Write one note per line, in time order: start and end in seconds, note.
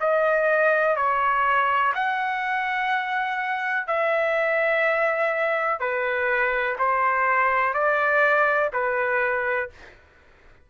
0.00 0.96 D#5
0.96 1.93 C#5
1.94 3.87 F#5
3.87 5.79 E5
5.79 6.76 B4
6.78 7.73 C5
7.73 8.70 D5
8.73 9.70 B4